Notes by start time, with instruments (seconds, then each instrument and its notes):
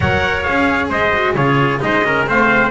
0.00 double bass F#3, cello A#4, trumpet C#5 F#5
0.42 double bass C#4, cello G#4, trumpet F5
0.89 double bass G#3, trumpet C5 D#5
1.13 cello F#4
1.34 double bass C#3, cello F4, trumpet G#4 C#5
1.79 double bass G#3, cello D#4, trumpet C5 D#5
2.03 cello C#4, trumpet A#4
2.26 double bass A3, cello C4, trumpet C5 F5